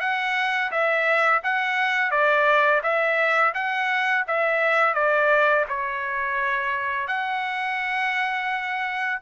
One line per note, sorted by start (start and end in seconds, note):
0.00 0.71 F#5
0.71 1.41 E5
1.43 2.11 F#5
2.11 2.81 D5
2.83 3.53 E5
3.54 4.24 F#5
4.27 4.94 E5
4.94 5.65 D5
5.68 7.07 C#5
7.07 9.19 F#5